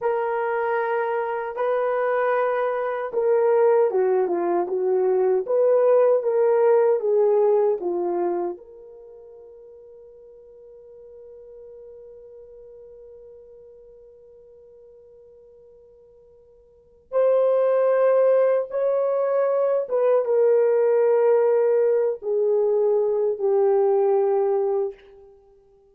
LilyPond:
\new Staff \with { instrumentName = "horn" } { \time 4/4 \tempo 4 = 77 ais'2 b'2 | ais'4 fis'8 f'8 fis'4 b'4 | ais'4 gis'4 f'4 ais'4~ | ais'1~ |
ais'1~ | ais'2 c''2 | cis''4. b'8 ais'2~ | ais'8 gis'4. g'2 | }